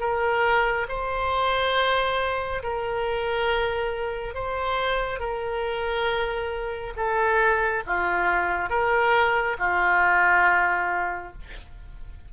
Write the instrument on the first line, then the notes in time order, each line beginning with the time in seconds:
oboe
0.00 A#4
0.88 C5
2.63 A#4
4.34 C5
5.19 A#4
6.96 A4
7.86 F4
8.70 A#4
9.58 F4